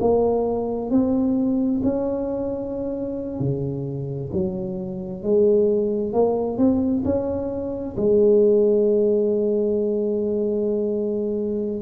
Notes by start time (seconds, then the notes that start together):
0.00 A#3
0.90 C4
1.83 C#4
3.40 C#3
4.33 F#3
5.23 G#3
6.13 A#3
6.58 C4
7.05 C#4
7.97 G#3